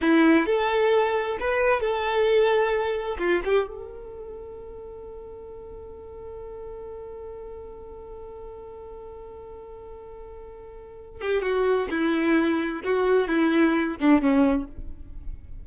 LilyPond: \new Staff \with { instrumentName = "violin" } { \time 4/4 \tempo 4 = 131 e'4 a'2 b'4 | a'2. f'8 g'8 | a'1~ | a'1~ |
a'1~ | a'1~ | a'8 g'8 fis'4 e'2 | fis'4 e'4. d'8 cis'4 | }